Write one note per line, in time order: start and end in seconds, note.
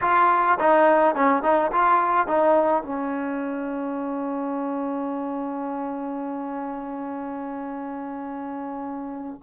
0.01 0.58 F4
0.59 1.15 D#4
1.15 1.42 C#4
1.42 1.71 D#4
1.72 2.27 F4
2.27 2.83 D#4
2.83 9.40 C#4